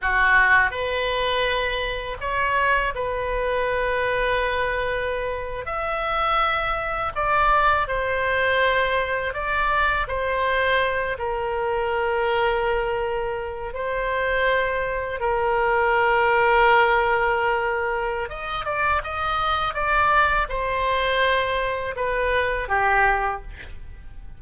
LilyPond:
\new Staff \with { instrumentName = "oboe" } { \time 4/4 \tempo 4 = 82 fis'4 b'2 cis''4 | b'2.~ b'8. e''16~ | e''4.~ e''16 d''4 c''4~ c''16~ | c''8. d''4 c''4. ais'8.~ |
ais'2~ ais'8. c''4~ c''16~ | c''8. ais'2.~ ais'16~ | ais'4 dis''8 d''8 dis''4 d''4 | c''2 b'4 g'4 | }